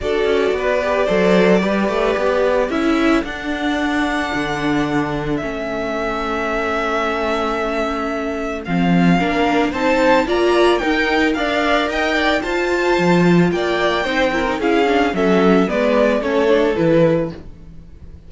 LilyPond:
<<
  \new Staff \with { instrumentName = "violin" } { \time 4/4 \tempo 4 = 111 d''1~ | d''4 e''4 fis''2~ | fis''2 e''2~ | e''1 |
f''2 a''4 ais''4 | g''4 f''4 g''4 a''4~ | a''4 g''2 f''4 | e''4 d''4 cis''4 b'4 | }
  \new Staff \with { instrumentName = "violin" } { \time 4/4 a'4 b'4 c''4 b'4~ | b'4 a'2.~ | a'1~ | a'1~ |
a'4 ais'4 c''4 d''4 | ais'4 d''4 dis''8 d''8 c''4~ | c''4 d''4 c''8 ais'8 gis'4 | a'4 b'4 a'2 | }
  \new Staff \with { instrumentName = "viola" } { \time 4/4 fis'4. g'8 a'4 g'4~ | g'4 e'4 d'2~ | d'2 cis'2~ | cis'1 |
c'4 d'4 dis'4 f'4 | dis'4 ais'2 f'4~ | f'2 dis'8 e'16 dis'16 e'8 d'8 | cis'4 b4 cis'8 d'8 e'4 | }
  \new Staff \with { instrumentName = "cello" } { \time 4/4 d'8 cis'8 b4 fis4 g8 a8 | b4 cis'4 d'2 | d2 a2~ | a1 |
f4 ais4 c'4 ais4 | dis'4 d'4 dis'4 f'4 | f4 ais4 c'4 cis'4 | fis4 gis4 a4 e4 | }
>>